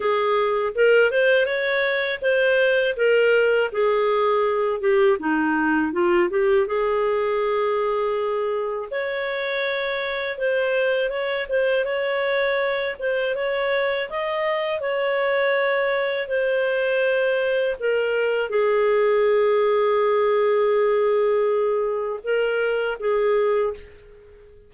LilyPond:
\new Staff \with { instrumentName = "clarinet" } { \time 4/4 \tempo 4 = 81 gis'4 ais'8 c''8 cis''4 c''4 | ais'4 gis'4. g'8 dis'4 | f'8 g'8 gis'2. | cis''2 c''4 cis''8 c''8 |
cis''4. c''8 cis''4 dis''4 | cis''2 c''2 | ais'4 gis'2.~ | gis'2 ais'4 gis'4 | }